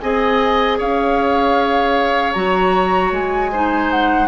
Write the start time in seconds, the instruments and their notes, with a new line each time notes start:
0.00 bassoon C4, clarinet G#4, oboe D#5, flute G#5
0.78 bassoon C#4, oboe C#5, flute F5
2.33 bassoon F#3, clarinet F#4, flute A#5
3.11 bassoon G#3, flute G#5
3.52 clarinet D#4, oboe C5
3.91 flute F#5